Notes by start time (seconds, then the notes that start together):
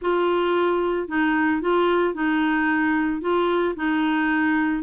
0.01 F4
1.08 D#4
1.61 F4
2.14 D#4
3.21 F4
3.76 D#4